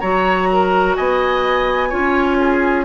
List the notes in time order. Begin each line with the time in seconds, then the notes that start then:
0.00 F#3 F#4 C#5 A#5
0.53 A#4
0.96 B3 D#5 G#5
1.89 C#4 F4 C#5
2.40 G#4